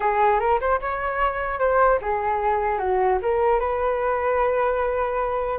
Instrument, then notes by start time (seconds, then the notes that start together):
flute
0.00 G#4
0.39 A#4
0.60 C5
0.81 C#5
1.59 C5
2.01 G#4
2.78 F#4
3.22 A#4
3.59 B4